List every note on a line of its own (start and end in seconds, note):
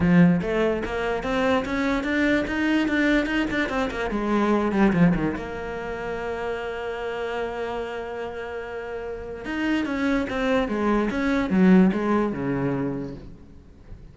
0.00 0.40 F3
0.41 0.82 A3
0.84 1.23 A#3
1.23 1.64 C4
1.65 2.03 C#4
2.03 2.44 D4
2.47 2.88 D#4
2.88 3.25 D4
3.25 3.46 D#4
3.50 3.69 D4
3.69 3.89 C4
3.91 4.10 A#3
4.10 4.71 G#3
4.71 4.92 G3
4.92 5.13 F3
5.14 5.35 D#3
5.36 9.45 A#3
9.45 9.85 D#4
9.85 10.26 C#4
10.29 10.68 C4
10.68 11.09 G#3
11.10 11.50 C#4
11.50 11.91 F#3
11.93 12.32 G#3
12.32 13.15 C#3